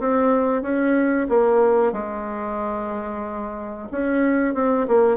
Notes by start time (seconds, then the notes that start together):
0.00 C4
0.62 C#4
1.29 A#3
1.93 G#3
3.92 C#4
4.54 C4
4.88 A#3